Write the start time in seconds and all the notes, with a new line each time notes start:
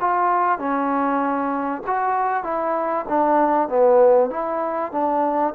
0.00 F4
0.58 C#4
1.86 F#4
2.43 E4
3.08 D4
3.68 B3
4.30 E4
4.92 D4